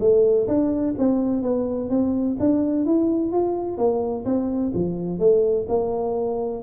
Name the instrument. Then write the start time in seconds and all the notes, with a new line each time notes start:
tuba
0.00 A3
0.48 D4
0.99 C4
1.42 B3
1.90 C4
2.40 D4
2.86 E4
3.32 F4
3.78 A#3
4.25 C4
4.75 F3
5.19 A3
5.69 A#3